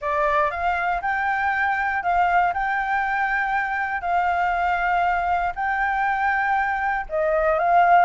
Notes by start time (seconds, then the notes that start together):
0.01 D5
0.50 F5
1.01 G5
2.02 F5
2.53 G5
4.01 F5
5.55 G5
7.09 D#5
7.59 F5